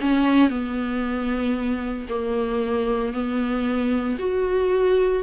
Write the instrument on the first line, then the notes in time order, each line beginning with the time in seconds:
viola
0.00 C#4
0.49 B3
2.09 A#3
3.13 B3
4.19 F#4